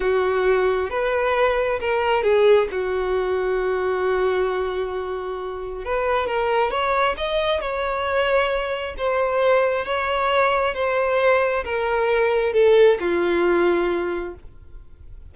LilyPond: \new Staff \with { instrumentName = "violin" } { \time 4/4 \tempo 4 = 134 fis'2 b'2 | ais'4 gis'4 fis'2~ | fis'1~ | fis'4 b'4 ais'4 cis''4 |
dis''4 cis''2. | c''2 cis''2 | c''2 ais'2 | a'4 f'2. | }